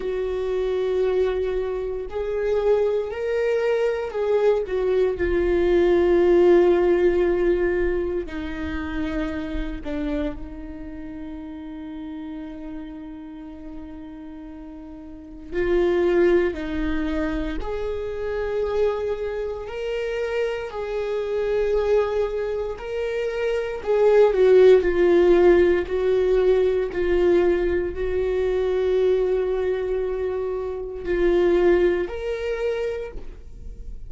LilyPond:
\new Staff \with { instrumentName = "viola" } { \time 4/4 \tempo 4 = 58 fis'2 gis'4 ais'4 | gis'8 fis'8 f'2. | dis'4. d'8 dis'2~ | dis'2. f'4 |
dis'4 gis'2 ais'4 | gis'2 ais'4 gis'8 fis'8 | f'4 fis'4 f'4 fis'4~ | fis'2 f'4 ais'4 | }